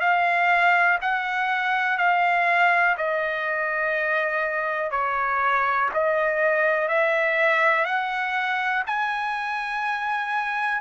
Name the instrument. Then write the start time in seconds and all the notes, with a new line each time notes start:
trumpet
0.00 F5
1.01 F#5
1.98 F5
2.97 D#5
4.91 C#5
5.93 D#5
6.88 E5
7.85 F#5
8.86 G#5